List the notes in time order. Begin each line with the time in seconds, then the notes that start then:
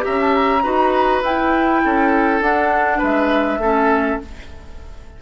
0.00 G4 E5 A#5
0.07 C#4
0.21 A5
0.34 A#5
0.63 D#4 F#4 B4
1.22 E4 G5
1.84 C#4 A4
2.41 D4 F#5
2.98 G#3 B4 E5
3.58 A3 C#4 A4